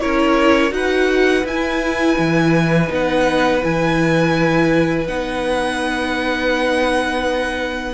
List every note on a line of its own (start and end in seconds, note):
0.00 0.71 C#4
0.00 0.70 E4
0.00 0.73 A#4
0.00 0.72 C#5
0.70 1.43 D#4
0.70 1.42 F#4
0.70 7.93 B4
0.70 1.46 F#5
1.44 2.16 E4
1.44 2.87 E4
1.44 2.92 G#5
2.18 2.90 E3
2.87 3.62 B3
2.87 3.59 D#4
2.94 3.64 F#5
3.61 5.08 E3
3.61 5.06 E4
3.61 5.07 G#5
5.07 7.93 B3
5.07 7.93 D#4
5.07 7.93 F#5